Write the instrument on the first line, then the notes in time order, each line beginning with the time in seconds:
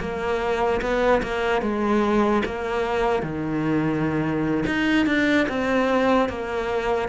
cello
0.00 A#3
0.81 B3
1.23 A#3
1.62 G#3
2.45 A#3
3.23 D#3
4.66 D#4
5.06 D4
5.49 C4
6.29 A#3